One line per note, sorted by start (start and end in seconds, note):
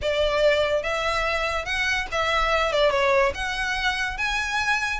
0.01 0.83 D5
0.83 1.65 E5
1.65 2.06 F#5
2.11 2.72 E5
2.72 2.90 D5
2.90 3.32 C#5
3.34 4.17 F#5
4.17 5.00 G#5